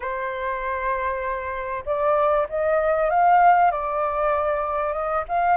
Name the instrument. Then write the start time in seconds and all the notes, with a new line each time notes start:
flute
0.00 C5
1.85 D5
2.49 D#5
3.09 F5
3.71 D5
4.93 D#5
5.28 F5